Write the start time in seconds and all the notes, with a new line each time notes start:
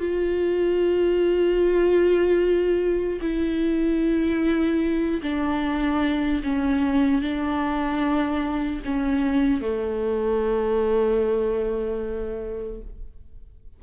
0.00 F4
3.21 E4
5.23 D4
6.43 C#4
7.21 D4
8.85 C#4
9.61 A3